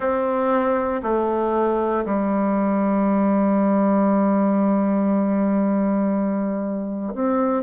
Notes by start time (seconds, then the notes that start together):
0.00 C4
1.02 A3
2.05 G3
7.14 C4